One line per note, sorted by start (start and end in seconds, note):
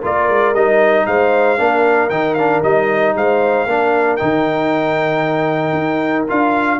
0.00 0.29 A#3
0.00 0.54 F4
0.00 1.04 A#4
0.00 0.54 D5
0.29 0.53 G#3
0.53 1.06 G3
0.53 1.58 D#4
0.53 1.06 D#5
1.06 1.59 G#3
1.06 1.59 C5
1.06 2.10 F5
1.58 2.10 A#3
1.58 2.10 D4
1.58 3.15 A#4
2.10 2.62 D#3
2.10 2.37 D#4
2.10 2.34 G5
2.34 2.63 D4
2.34 2.61 F5
2.63 3.15 G3
2.63 3.67 D#4
2.63 3.15 D#5
3.15 3.66 G#3
3.15 3.68 C5
3.15 4.16 F5
3.66 4.18 A#3
3.66 4.19 D4
3.66 6.80 A#4
4.16 5.72 D#3
4.16 6.27 D#4
4.16 6.25 G5
5.72 6.25 D#4
6.27 6.80 D4
6.27 6.80 F4
6.27 6.80 F5